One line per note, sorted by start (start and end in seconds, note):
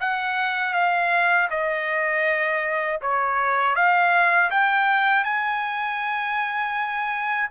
0.00 0.73 F#5
0.73 1.48 F5
1.50 3.00 D#5
3.01 3.75 C#5
3.75 4.50 F5
4.51 5.24 G5
5.24 7.49 G#5